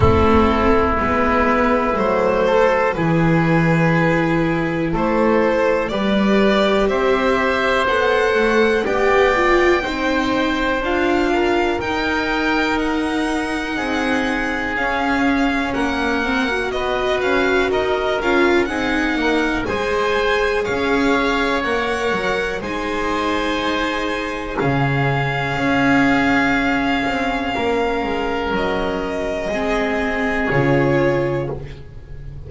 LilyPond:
<<
  \new Staff \with { instrumentName = "violin" } { \time 4/4 \tempo 4 = 61 a'4 b'4 c''4 b'4~ | b'4 c''4 d''4 e''4 | fis''4 g''2 f''4 | g''4 fis''2 f''4 |
fis''4 dis''8 f''8 dis''8 f''8 fis''4 | gis''4 f''4 fis''4 gis''4~ | gis''4 f''2.~ | f''4 dis''2 cis''4 | }
  \new Staff \with { instrumentName = "oboe" } { \time 4/4 e'2~ e'8 a'8 gis'4~ | gis'4 a'4 b'4 c''4~ | c''4 d''4 c''4. ais'8~ | ais'2 gis'2 |
ais'4 b'4 ais'4 gis'8 ais'8 | c''4 cis''2 c''4~ | c''4 gis'2. | ais'2 gis'2 | }
  \new Staff \with { instrumentName = "viola" } { \time 4/4 c'4 b4 a4 e'4~ | e'2 g'2 | a'4 g'8 f'8 dis'4 f'4 | dis'2. cis'4~ |
cis'8 c'16 fis'4.~ fis'16 f'8 dis'4 | gis'2 ais'4 dis'4~ | dis'4 cis'2.~ | cis'2 c'4 f'4 | }
  \new Staff \with { instrumentName = "double bass" } { \time 4/4 a4 gis4 fis4 e4~ | e4 a4 g4 c'4 | b8 a8 b4 c'4 d'4 | dis'2 c'4 cis'4 |
ais4 b8 cis'8 dis'8 cis'8 c'8 ais8 | gis4 cis'4 ais8 fis8 gis4~ | gis4 cis4 cis'4. c'8 | ais8 gis8 fis4 gis4 cis4 | }
>>